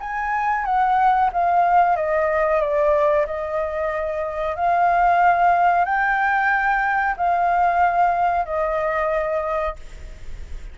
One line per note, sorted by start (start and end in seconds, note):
0.00 0.65 G#5
0.65 1.30 F#5
1.33 1.96 F5
1.96 2.61 D#5
2.61 3.26 D5
3.26 4.56 D#5
4.56 5.85 F5
5.85 7.16 G5
7.17 8.45 F5
8.45 9.76 D#5